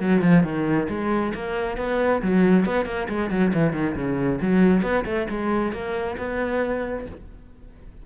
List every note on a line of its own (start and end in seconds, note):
0.00 0.21 F#3
0.21 0.43 F3
0.43 0.87 D#3
0.89 1.33 G#3
1.34 1.77 A#3
1.77 2.21 B3
2.22 2.65 F#3
2.65 2.85 B3
2.85 3.07 A#3
3.09 3.30 G#3
3.30 3.52 F#3
3.53 3.73 E3
3.73 3.95 D#3
3.95 4.39 C#3
4.41 4.82 F#3
4.82 5.04 B3
5.05 5.27 A3
5.30 5.72 G#3
5.72 6.16 A#3
6.17 7.06 B3